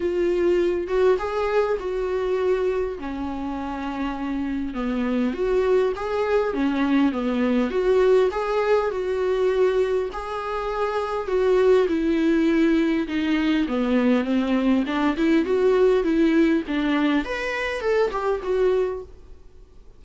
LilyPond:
\new Staff \with { instrumentName = "viola" } { \time 4/4 \tempo 4 = 101 f'4. fis'8 gis'4 fis'4~ | fis'4 cis'2. | b4 fis'4 gis'4 cis'4 | b4 fis'4 gis'4 fis'4~ |
fis'4 gis'2 fis'4 | e'2 dis'4 b4 | c'4 d'8 e'8 fis'4 e'4 | d'4 b'4 a'8 g'8 fis'4 | }